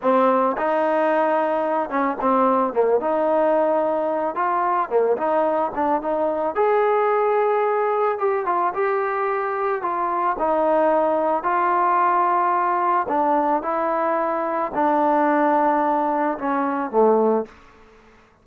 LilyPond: \new Staff \with { instrumentName = "trombone" } { \time 4/4 \tempo 4 = 110 c'4 dis'2~ dis'8 cis'8 | c'4 ais8 dis'2~ dis'8 | f'4 ais8 dis'4 d'8 dis'4 | gis'2. g'8 f'8 |
g'2 f'4 dis'4~ | dis'4 f'2. | d'4 e'2 d'4~ | d'2 cis'4 a4 | }